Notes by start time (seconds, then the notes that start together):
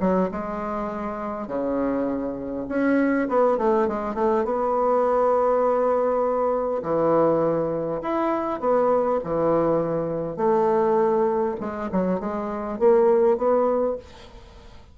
0.00 F#3
0.31 G#3
1.47 C#3
2.68 C#4
3.28 B3
3.58 A3
3.87 G#3
4.14 A3
4.44 B3
6.82 E3
8.02 E4
8.60 B3
9.24 E3
10.36 A3
11.60 G#3
11.91 F#3
12.19 G#3
12.79 A#3
13.37 B3